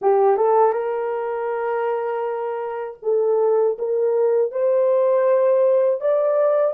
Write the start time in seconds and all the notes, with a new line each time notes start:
0.01 G4
0.36 A4
0.72 A#4
3.02 A4
3.78 A#4
4.51 C5
6.00 D5